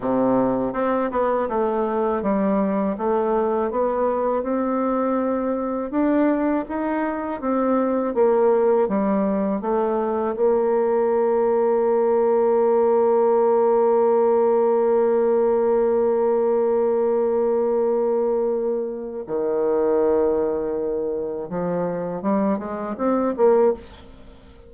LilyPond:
\new Staff \with { instrumentName = "bassoon" } { \time 4/4 \tempo 4 = 81 c4 c'8 b8 a4 g4 | a4 b4 c'2 | d'4 dis'4 c'4 ais4 | g4 a4 ais2~ |
ais1~ | ais1~ | ais2 dis2~ | dis4 f4 g8 gis8 c'8 ais8 | }